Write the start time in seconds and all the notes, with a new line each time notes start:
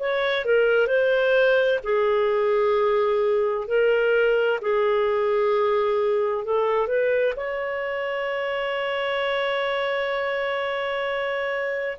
0.00 C#5
0.45 A#4
0.87 C5
1.84 G#4
3.68 A#4
4.62 G#4
6.45 A4
6.87 B4
7.36 C#5